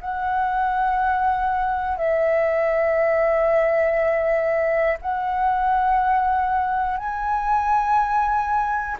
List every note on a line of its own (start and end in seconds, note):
0.00 1.97 F#5
1.97 4.97 E5
5.01 6.97 F#5
6.97 8.97 G#5